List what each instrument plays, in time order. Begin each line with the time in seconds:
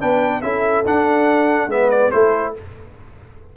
0.00 tuba B3, trombone D4, horn B4, trumpet G5
0.42 tuba C#4, trombone E4, horn A4, trumpet E5
0.85 tuba D4, trombone D4, trumpet F#5
1.68 tuba G#3, trombone B3, horn B4, trumpet E5
1.90 trumpet D5
2.11 tuba A3, trombone E4, horn A4, trumpet C5